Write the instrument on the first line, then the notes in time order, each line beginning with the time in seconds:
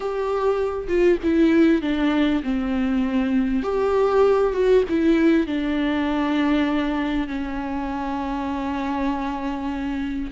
viola
0.00 G4
0.88 F4
1.23 E4
1.81 D4
2.43 C4
3.62 G4
4.53 F#4
4.89 E4
5.46 D4
7.27 C#4